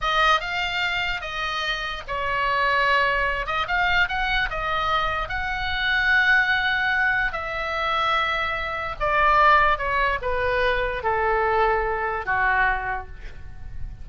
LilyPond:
\new Staff \with { instrumentName = "oboe" } { \time 4/4 \tempo 4 = 147 dis''4 f''2 dis''4~ | dis''4 cis''2.~ | cis''8 dis''8 f''4 fis''4 dis''4~ | dis''4 fis''2.~ |
fis''2 e''2~ | e''2 d''2 | cis''4 b'2 a'4~ | a'2 fis'2 | }